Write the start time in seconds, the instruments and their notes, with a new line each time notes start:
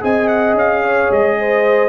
0.00 tuba C4, trombone G#4, horn D#5, trumpet G#5
0.28 trumpet F#5
0.54 tuba C#4, trumpet F5
0.84 horn C#5
1.11 tuba G#3, trumpet D#5
1.39 horn C5